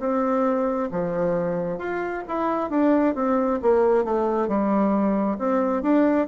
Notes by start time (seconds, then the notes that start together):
0.00 C4
0.92 F3
1.79 F4
2.28 E4
2.70 D4
3.15 C4
3.62 A#3
4.05 A3
4.49 G3
5.39 C4
5.83 D4